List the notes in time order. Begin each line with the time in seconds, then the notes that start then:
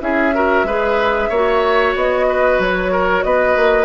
0.00 C#4 E4 G#4 E5
0.34 F#4 A#4
0.64 G#3 G#4 B4
1.29 A#3 F#4 C#5
1.96 B3 D#5
2.29 B4
2.59 F#3 C#5
2.92 A#4
3.23 B3 B4 D#5
3.56 A#3